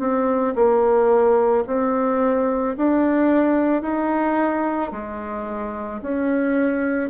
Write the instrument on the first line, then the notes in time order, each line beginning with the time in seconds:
bassoon
0.00 C4
0.56 A#3
1.67 C4
2.78 D4
3.82 D#4
4.92 G#3
6.02 C#4